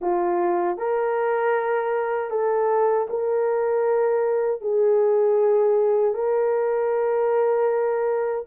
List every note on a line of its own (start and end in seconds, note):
0.01 0.77 F4
0.77 2.30 A#4
2.30 3.07 A4
3.09 4.61 A#4
4.61 6.14 G#4
6.14 8.45 A#4